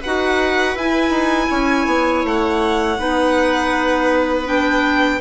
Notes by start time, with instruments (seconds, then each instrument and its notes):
0.00 bassoon D#4, clarinet F#4, viola B4, violin F#5
0.75 bassoon E4, clarinet E4, violin G#5
1.09 bassoon D#4
1.50 bassoon C#4, viola C#5
1.86 bassoon B3
2.24 bassoon A3, violin F#5
2.98 bassoon B3, clarinet D#4, viola B4
4.45 clarinet D4, violin G5